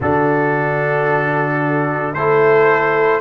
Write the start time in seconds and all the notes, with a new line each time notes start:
0.00 D3 D4 F#4 A4
2.14 A3 E4 A4 C5